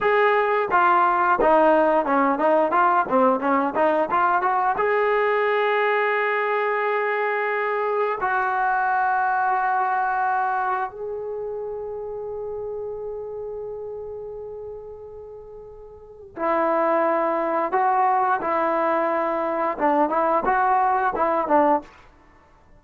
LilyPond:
\new Staff \with { instrumentName = "trombone" } { \time 4/4 \tempo 4 = 88 gis'4 f'4 dis'4 cis'8 dis'8 | f'8 c'8 cis'8 dis'8 f'8 fis'8 gis'4~ | gis'1 | fis'1 |
gis'1~ | gis'1 | e'2 fis'4 e'4~ | e'4 d'8 e'8 fis'4 e'8 d'8 | }